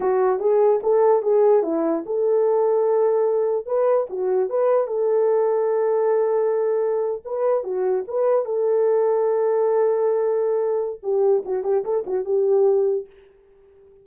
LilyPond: \new Staff \with { instrumentName = "horn" } { \time 4/4 \tempo 4 = 147 fis'4 gis'4 a'4 gis'4 | e'4 a'2.~ | a'4 b'4 fis'4 b'4 | a'1~ |
a'4.~ a'16 b'4 fis'4 b'16~ | b'8. a'2.~ a'16~ | a'2. g'4 | fis'8 g'8 a'8 fis'8 g'2 | }